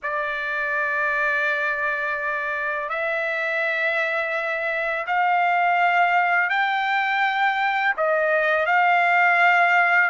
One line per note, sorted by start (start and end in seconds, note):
0.02 2.89 D5
2.89 5.06 E5
5.06 6.49 F5
6.49 7.94 G5
7.96 8.65 D#5
8.65 10.10 F5